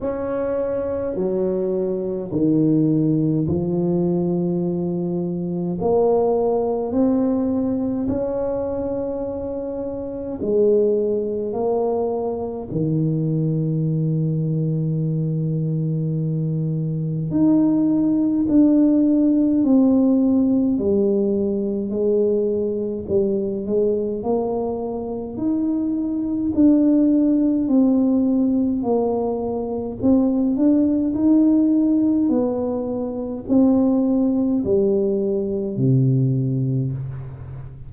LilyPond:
\new Staff \with { instrumentName = "tuba" } { \time 4/4 \tempo 4 = 52 cis'4 fis4 dis4 f4~ | f4 ais4 c'4 cis'4~ | cis'4 gis4 ais4 dis4~ | dis2. dis'4 |
d'4 c'4 g4 gis4 | g8 gis8 ais4 dis'4 d'4 | c'4 ais4 c'8 d'8 dis'4 | b4 c'4 g4 c4 | }